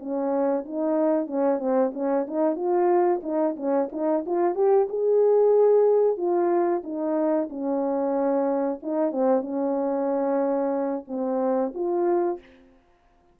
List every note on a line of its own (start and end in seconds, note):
0.00 0.65 C#4
0.66 1.27 D#4
1.27 1.59 C#4
1.59 1.92 C4
1.94 2.26 C#4
2.28 2.56 D#4
2.56 3.21 F4
3.23 3.56 D#4
3.57 3.90 C#4
3.92 4.25 D#4
4.26 4.55 F4
4.55 4.88 G4
4.89 6.17 G#4
6.17 6.83 F4
6.84 7.49 D#4
7.50 8.80 C#4
8.83 9.12 D#4
9.12 9.42 C4
9.42 11.05 C#4
11.08 11.73 C4
11.75 12.40 F4